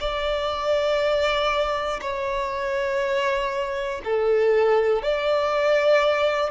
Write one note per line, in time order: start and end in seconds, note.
0.00 2.00 D5
2.01 4.01 C#5
4.04 5.02 A4
5.02 6.50 D5